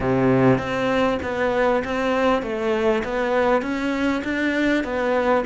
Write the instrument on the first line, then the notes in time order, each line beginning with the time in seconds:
cello
0.00 C3
0.58 C4
1.22 B3
1.84 C4
2.42 A3
3.04 B3
3.61 C#4
4.24 D4
4.83 B3